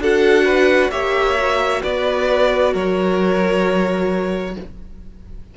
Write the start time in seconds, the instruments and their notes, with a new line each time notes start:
0.00 cello D4, viola F#4, violin A4 F#5
0.46 violin B4
0.91 cello A#3, viola G4, violin C#5 E5
1.39 viola F#4
1.82 cello B3, violin B4 D5
2.73 cello F#3, violin A#4 C#5